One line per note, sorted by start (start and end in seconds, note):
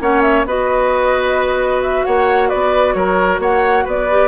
0.00 0.45 A#3
0.00 0.46 C#4
0.00 0.47 C#5
0.00 0.22 F#5
0.22 0.44 E5
0.46 2.05 B3
0.46 4.11 F#4
0.46 2.05 B4
0.46 1.82 D#5
1.82 2.05 E5
2.05 2.52 A#3
2.05 2.49 C#5
2.05 2.49 F#5
2.49 2.95 B3
2.49 2.94 B4
2.49 2.93 D5
2.93 3.39 F#3
2.93 3.41 A#4
2.93 3.39 C#5
3.39 3.84 A#3
3.39 3.85 C#5
3.39 3.87 F#5
3.85 4.28 B3
3.85 4.28 B4
3.85 4.28 D5
4.11 4.28 G4